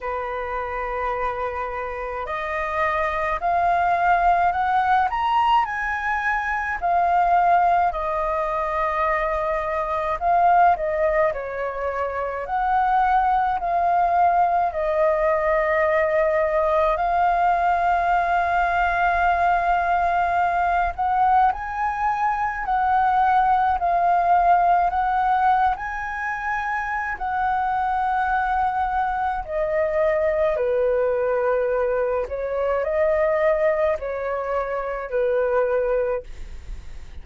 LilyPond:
\new Staff \with { instrumentName = "flute" } { \time 4/4 \tempo 4 = 53 b'2 dis''4 f''4 | fis''8 ais''8 gis''4 f''4 dis''4~ | dis''4 f''8 dis''8 cis''4 fis''4 | f''4 dis''2 f''4~ |
f''2~ f''8 fis''8 gis''4 | fis''4 f''4 fis''8. gis''4~ gis''16 | fis''2 dis''4 b'4~ | b'8 cis''8 dis''4 cis''4 b'4 | }